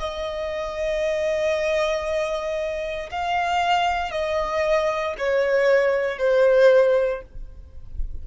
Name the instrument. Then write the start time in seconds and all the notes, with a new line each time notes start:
violin
0.00 D#5
3.11 F5
4.11 D#5
5.18 C#5
6.19 C5